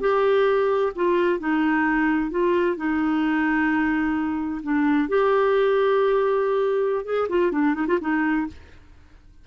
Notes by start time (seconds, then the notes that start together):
0.00 G4
0.95 F4
1.39 D#4
2.30 F4
2.76 D#4
4.63 D4
5.08 G4
7.04 G#4
7.29 F4
7.51 D4
7.75 D#4
7.87 F4
8.00 D#4